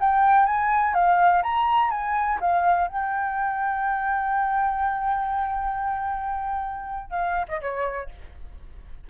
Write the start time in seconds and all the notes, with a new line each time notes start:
0.00 G5
0.46 G#5
0.94 F5
1.43 A#5
1.90 G#5
2.40 F5
2.87 G5
7.10 F5
7.48 D#5
7.61 C#5